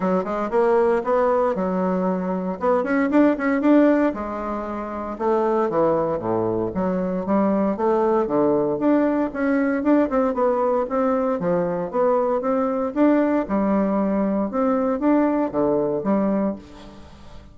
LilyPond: \new Staff \with { instrumentName = "bassoon" } { \time 4/4 \tempo 4 = 116 fis8 gis8 ais4 b4 fis4~ | fis4 b8 cis'8 d'8 cis'8 d'4 | gis2 a4 e4 | a,4 fis4 g4 a4 |
d4 d'4 cis'4 d'8 c'8 | b4 c'4 f4 b4 | c'4 d'4 g2 | c'4 d'4 d4 g4 | }